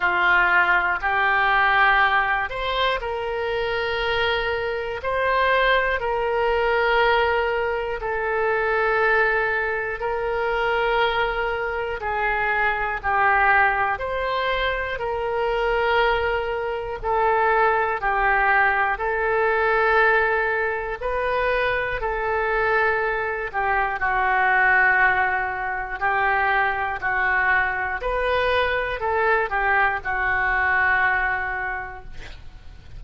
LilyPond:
\new Staff \with { instrumentName = "oboe" } { \time 4/4 \tempo 4 = 60 f'4 g'4. c''8 ais'4~ | ais'4 c''4 ais'2 | a'2 ais'2 | gis'4 g'4 c''4 ais'4~ |
ais'4 a'4 g'4 a'4~ | a'4 b'4 a'4. g'8 | fis'2 g'4 fis'4 | b'4 a'8 g'8 fis'2 | }